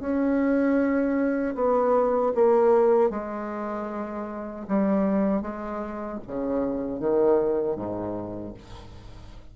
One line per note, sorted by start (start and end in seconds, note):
0.00 1.55 C#4
1.55 2.33 B3
2.35 3.10 A#3
3.10 4.66 G#3
4.68 5.42 G3
5.42 6.19 G#3
6.27 7.00 C#3
7.00 7.76 D#3
7.76 8.54 G#2